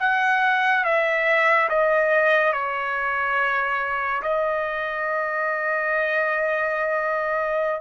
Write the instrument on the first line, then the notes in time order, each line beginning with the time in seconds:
trumpet
0.00 F#5
0.85 E5
1.69 D#5
2.53 C#5
4.23 D#5